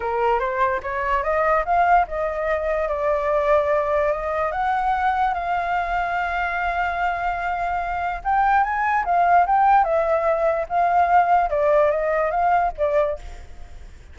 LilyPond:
\new Staff \with { instrumentName = "flute" } { \time 4/4 \tempo 4 = 146 ais'4 c''4 cis''4 dis''4 | f''4 dis''2 d''4~ | d''2 dis''4 fis''4~ | fis''4 f''2.~ |
f''1 | g''4 gis''4 f''4 g''4 | e''2 f''2 | d''4 dis''4 f''4 d''4 | }